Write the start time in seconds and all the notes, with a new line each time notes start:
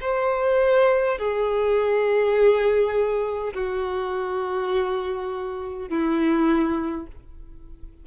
0.00 C5
1.18 G#4
3.53 F#4
5.89 E4